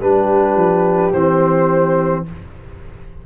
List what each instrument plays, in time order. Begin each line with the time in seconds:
0.00 tuba G3, trombone D4, horn G4, flute B4
0.55 tuba F3
1.12 tuba E3, trombone C4, flute C5